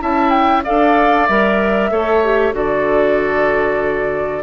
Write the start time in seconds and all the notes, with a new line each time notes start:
0.00 C#4 E4 E5 A5
0.30 G5
0.64 D4 A4 D5 F5
1.27 G3 A#4 E5
1.91 A3 A4 C#5
2.24 G4
2.53 D3 F#4 A4 D5